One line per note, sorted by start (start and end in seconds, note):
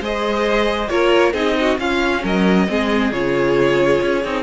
0.00 0.89 G#3
0.00 0.90 G#4
0.00 0.90 C5
0.00 0.88 D#5
0.88 1.33 A#3
0.88 1.33 F4
0.88 1.33 A#4
0.88 1.33 C#5
1.33 1.78 C4
1.33 1.77 D#4
1.33 1.55 G#4
1.33 1.78 D#5
1.60 1.80 F#4
1.78 2.23 C#4
1.78 2.68 C#4
1.78 2.23 F4
1.78 2.24 F5
2.23 2.68 F#3
2.23 2.67 A#4
2.23 3.12 D#5
2.68 3.12 G#3
2.68 3.12 C4
2.68 4.43 G#4
3.12 4.01 C#3
3.12 4.23 F4
3.12 4.43 C#5
4.02 4.24 C#4
4.24 4.43 C4
4.24 4.43 D#4